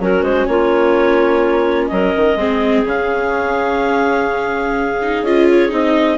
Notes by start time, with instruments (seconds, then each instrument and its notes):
0.00 bassoon F#3, viola C#4, clarinet F#4 A#4
0.23 bassoon G#3, clarinet C5
0.46 bassoon A#3, clarinet F4 C#5
1.88 bassoon F#3, clarinet A#4 D#5
2.16 bassoon D#3
2.35 bassoon G#3, viola C4, clarinet G#4
2.85 bassoon C#3, viola C#4, clarinet F5
5.02 viola D#4
5.21 bassoon C#4, viola F4, clarinet D#5
5.48 clarinet C#5
5.69 bassoon C4, viola D#4, clarinet D#5